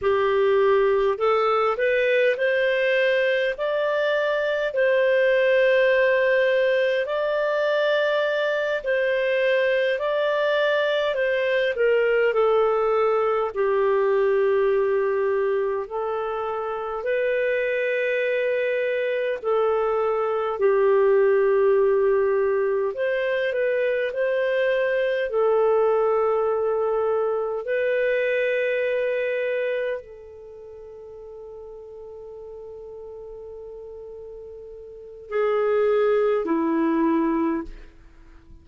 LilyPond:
\new Staff \with { instrumentName = "clarinet" } { \time 4/4 \tempo 4 = 51 g'4 a'8 b'8 c''4 d''4 | c''2 d''4. c''8~ | c''8 d''4 c''8 ais'8 a'4 g'8~ | g'4. a'4 b'4.~ |
b'8 a'4 g'2 c''8 | b'8 c''4 a'2 b'8~ | b'4. a'2~ a'8~ | a'2 gis'4 e'4 | }